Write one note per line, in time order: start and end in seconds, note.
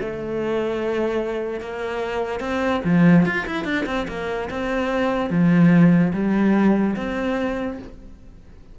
0.00 1.60 A3
1.60 2.40 A#3
2.40 2.81 C4
2.84 3.25 F3
3.25 3.46 F4
3.46 3.64 E4
3.64 3.85 D4
3.86 4.06 C4
4.08 4.49 A#3
4.50 5.30 C4
5.30 6.12 F3
6.13 6.95 G3
6.96 7.78 C4